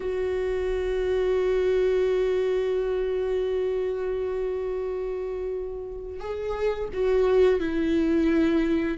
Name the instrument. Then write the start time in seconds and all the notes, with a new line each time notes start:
viola
0.00 F#4
6.19 G#4
6.93 F#4
7.59 E4